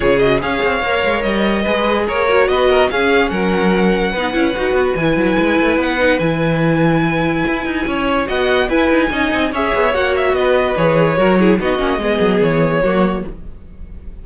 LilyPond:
<<
  \new Staff \with { instrumentName = "violin" } { \time 4/4 \tempo 4 = 145 cis''8 dis''8 f''2 dis''4~ | dis''4 cis''4 dis''4 f''4 | fis''1 | gis''2 fis''4 gis''4~ |
gis''1 | fis''4 gis''2 e''4 | fis''8 e''8 dis''4 cis''2 | dis''2 cis''2 | }
  \new Staff \with { instrumentName = "violin" } { \time 4/4 gis'4 cis''2. | b'4 ais'4 b'8 ais'8 gis'4 | ais'2 b'2~ | b'1~ |
b'2. cis''4 | dis''4 b'4 dis''4 cis''4~ | cis''4 b'2 ais'8 gis'8 | fis'4 gis'2 fis'4 | }
  \new Staff \with { instrumentName = "viola" } { \time 4/4 f'8 fis'8 gis'4 ais'2 | gis'4. fis'4. cis'4~ | cis'2 dis'8 e'8 fis'4 | e'2~ e'8 dis'8 e'4~ |
e'1 | fis'4 e'4 dis'4 gis'4 | fis'2 gis'4 fis'8 e'8 | dis'8 cis'8 b2 ais4 | }
  \new Staff \with { instrumentName = "cello" } { \time 4/4 cis4 cis'8 c'8 ais8 gis8 g4 | gis4 ais4 b4 cis'4 | fis2 b8 cis'8 dis'8 b8 | e8 fis8 gis8 a8 b4 e4~ |
e2 e'8 dis'8 cis'4 | b4 e'8 dis'8 cis'8 c'8 cis'8 b8 | ais4 b4 e4 fis4 | b8 ais8 gis8 fis8 e4 fis4 | }
>>